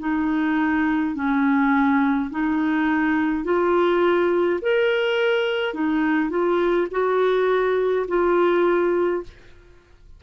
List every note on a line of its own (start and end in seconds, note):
0.00 1.15 D#4
1.15 2.31 C#4
2.31 3.45 D#4
3.45 4.60 F4
4.62 5.74 A#4
5.74 6.30 D#4
6.30 6.88 F4
6.91 8.07 F#4
8.08 9.24 F4